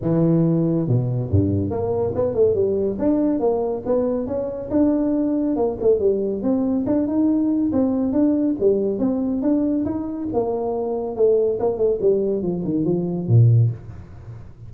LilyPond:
\new Staff \with { instrumentName = "tuba" } { \time 4/4 \tempo 4 = 140 e2 b,4 g,4 | ais4 b8 a8 g4 d'4 | ais4 b4 cis'4 d'4~ | d'4 ais8 a8 g4 c'4 |
d'8 dis'4. c'4 d'4 | g4 c'4 d'4 dis'4 | ais2 a4 ais8 a8 | g4 f8 dis8 f4 ais,4 | }